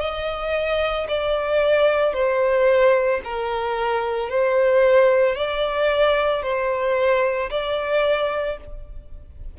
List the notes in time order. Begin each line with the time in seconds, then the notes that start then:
0.00 D#5
1.08 D5
2.14 C5
3.24 A#4
4.30 C5
5.36 D5
6.43 C5
7.50 D5